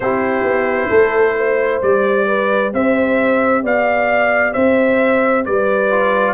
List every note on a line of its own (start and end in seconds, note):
0.00 0.43 C4
0.00 1.82 E4
0.00 0.89 G4
0.00 1.82 C5
0.43 0.88 B3
0.89 1.81 A3
0.89 1.34 A4
1.37 2.26 C5
1.82 2.73 G3
1.82 5.90 G4
1.82 2.73 D5
2.26 2.71 B4
2.73 3.63 C4
2.73 3.63 C5
2.73 3.64 E5
3.63 4.54 B3
3.63 4.53 D5
3.63 4.53 F5
4.53 5.46 C4
4.53 5.44 C5
4.53 5.44 E5
5.45 6.33 G3
5.45 6.33 B4
5.45 6.33 D5
5.90 6.33 F4